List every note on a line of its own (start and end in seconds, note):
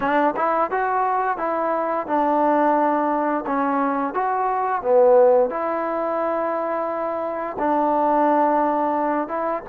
0.00 0.34 D4
0.36 0.71 E4
0.71 1.37 F#4
1.37 2.06 E4
2.07 3.45 D4
3.46 4.13 C#4
4.13 4.82 F#4
4.82 5.50 B3
5.50 7.56 E4
7.59 9.28 D4
9.28 9.62 E4